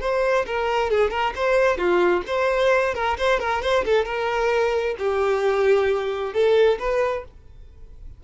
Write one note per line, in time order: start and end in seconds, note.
0.00 0.45 C5
0.46 0.90 A#4
0.90 1.10 G#4
1.10 1.33 A#4
1.35 1.77 C5
1.77 2.22 F4
2.27 2.94 C5
2.94 3.17 A#4
3.17 3.40 C5
3.40 3.62 A#4
3.62 3.84 C5
3.85 4.05 A4
4.05 4.95 A#4
4.98 6.33 G4
6.33 6.78 A4
6.79 7.24 B4